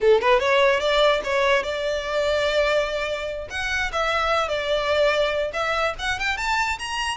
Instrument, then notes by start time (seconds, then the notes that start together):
violin
0.00 A4
0.21 B4
0.39 C#5
0.80 D5
1.24 C#5
1.63 D5
3.50 F#5
3.92 E5
4.48 D5
5.53 E5
5.98 F#5
6.19 G5
6.37 A5
6.78 A#5